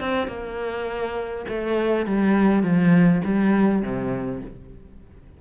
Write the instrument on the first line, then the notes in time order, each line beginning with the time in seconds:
cello
0.00 C4
0.28 A#3
1.48 A3
2.06 G3
2.63 F3
3.24 G3
3.82 C3